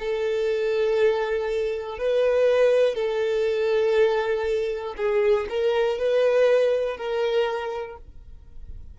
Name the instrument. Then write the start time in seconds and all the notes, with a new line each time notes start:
violin
0.00 A4
1.99 B4
2.95 A4
4.98 G#4
5.50 A#4
5.99 B4
6.98 A#4